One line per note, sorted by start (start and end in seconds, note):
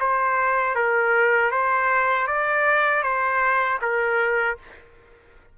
0.00 0.75 C5
0.75 1.51 A#4
1.51 2.27 C5
2.28 3.03 D5
3.03 3.79 C5
3.82 4.58 A#4